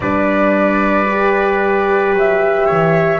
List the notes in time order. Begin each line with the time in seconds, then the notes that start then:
0.00 G3 D4 B4 D5
1.09 G4
2.12 F#3 E5
2.65 E3 C#5